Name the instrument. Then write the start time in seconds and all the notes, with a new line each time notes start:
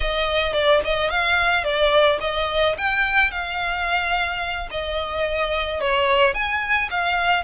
violin
0.00 D#5
0.53 D5
0.84 D#5
1.10 F5
1.64 D5
2.20 D#5
2.77 G5
3.31 F5
4.70 D#5
5.80 C#5
6.34 G#5
6.90 F5